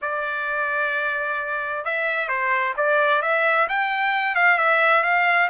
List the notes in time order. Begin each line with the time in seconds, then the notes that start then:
0.01 D5
1.84 E5
2.28 C5
2.76 D5
3.21 E5
3.68 G5
4.35 F5
4.58 E5
5.03 F5